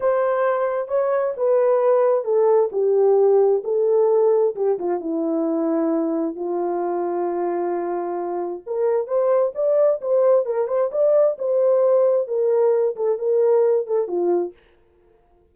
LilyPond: \new Staff \with { instrumentName = "horn" } { \time 4/4 \tempo 4 = 132 c''2 cis''4 b'4~ | b'4 a'4 g'2 | a'2 g'8 f'8 e'4~ | e'2 f'2~ |
f'2. ais'4 | c''4 d''4 c''4 ais'8 c''8 | d''4 c''2 ais'4~ | ais'8 a'8 ais'4. a'8 f'4 | }